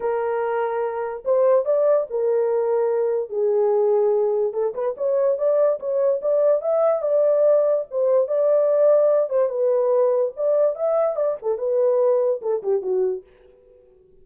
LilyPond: \new Staff \with { instrumentName = "horn" } { \time 4/4 \tempo 4 = 145 ais'2. c''4 | d''4 ais'2. | gis'2. a'8 b'8 | cis''4 d''4 cis''4 d''4 |
e''4 d''2 c''4 | d''2~ d''8 c''8 b'4~ | b'4 d''4 e''4 d''8 a'8 | b'2 a'8 g'8 fis'4 | }